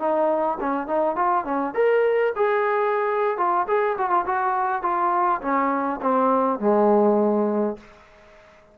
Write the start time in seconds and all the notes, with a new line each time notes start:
0.00 D#4
0.61 C#4
0.87 D#4
1.16 F4
1.45 C#4
1.75 A#4
2.36 G#4
3.38 F4
3.68 G#4
3.98 F#4
4.11 F4
4.26 F#4
4.83 F4
5.41 C#4
6.02 C4
6.60 G#3